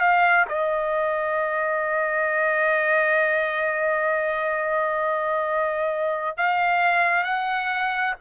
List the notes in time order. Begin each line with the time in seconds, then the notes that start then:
0.00 F5
0.48 D#5
6.37 F5
7.24 F#5